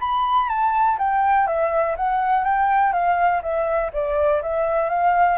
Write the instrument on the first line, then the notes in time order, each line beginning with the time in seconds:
flute
0.00 B5
0.49 A5
0.99 G5
1.47 E5
1.97 F#5
2.45 G5
2.93 F5
3.42 E5
3.93 D5
4.42 E5
4.90 F5